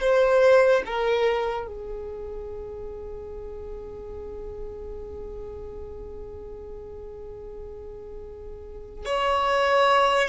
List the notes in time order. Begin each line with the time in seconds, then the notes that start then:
0.00 C5
0.86 A#4
1.67 G#4
9.05 C#5